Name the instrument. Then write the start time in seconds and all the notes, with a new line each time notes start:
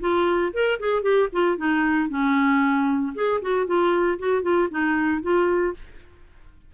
clarinet
0.00 F4
0.53 A#4
0.80 G#4
1.02 G4
1.33 F4
1.57 D#4
2.09 C#4
3.15 G#4
3.42 F#4
3.66 F4
4.19 F#4
4.42 F4
4.71 D#4
5.22 F4